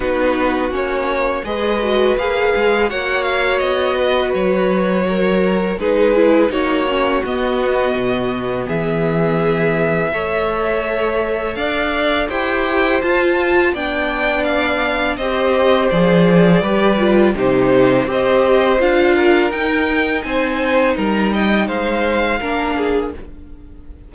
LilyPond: <<
  \new Staff \with { instrumentName = "violin" } { \time 4/4 \tempo 4 = 83 b'4 cis''4 dis''4 f''4 | fis''8 f''8 dis''4 cis''2 | b'4 cis''4 dis''2 | e''1 |
f''4 g''4 a''4 g''4 | f''4 dis''4 d''2 | c''4 dis''4 f''4 g''4 | gis''4 ais''8 g''8 f''2 | }
  \new Staff \with { instrumentName = "violin" } { \time 4/4 fis'2 b'2 | cis''4. b'4. ais'4 | gis'4 fis'2. | gis'2 cis''2 |
d''4 c''2 d''4~ | d''4 c''2 b'4 | g'4 c''4. ais'4. | c''4 ais'8 dis''8 c''4 ais'8 gis'8 | }
  \new Staff \with { instrumentName = "viola" } { \time 4/4 dis'4 cis'4 gis'8 fis'8 gis'4 | fis'1 | dis'8 e'8 dis'8 cis'8 b2~ | b2 a'2~ |
a'4 g'4 f'4 d'4~ | d'4 g'4 gis'4 g'8 f'8 | dis'4 g'4 f'4 dis'4~ | dis'2. d'4 | }
  \new Staff \with { instrumentName = "cello" } { \time 4/4 b4 ais4 gis4 ais8 gis8 | ais4 b4 fis2 | gis4 ais4 b4 b,4 | e2 a2 |
d'4 e'4 f'4 b4~ | b4 c'4 f4 g4 | c4 c'4 d'4 dis'4 | c'4 g4 gis4 ais4 | }
>>